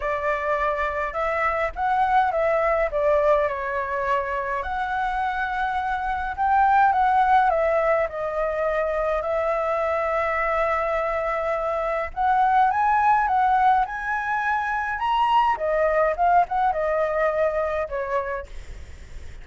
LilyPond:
\new Staff \with { instrumentName = "flute" } { \time 4/4 \tempo 4 = 104 d''2 e''4 fis''4 | e''4 d''4 cis''2 | fis''2. g''4 | fis''4 e''4 dis''2 |
e''1~ | e''4 fis''4 gis''4 fis''4 | gis''2 ais''4 dis''4 | f''8 fis''8 dis''2 cis''4 | }